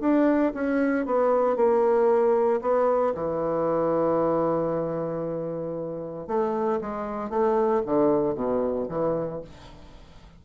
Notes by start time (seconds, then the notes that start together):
0.00 D4
0.54 C#4
1.06 B3
1.56 A#3
2.61 B3
3.14 E3
6.27 A3
6.81 G#3
7.29 A3
7.85 D3
8.34 B2
8.88 E3